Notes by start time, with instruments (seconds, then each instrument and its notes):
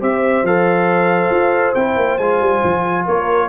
0.00 tuba C4, trombone G4, horn C5, trumpet E5
0.42 tuba F3, trombone A4, trumpet F5
1.30 tuba F4
1.75 tuba C4, trombone E4, trumpet G5
1.96 tuba A#3
2.18 tuba G#3, trombone F4, trumpet G#5
2.40 tuba G3
2.64 tuba F3
3.05 tuba A#3, horn A#4, trumpet C#5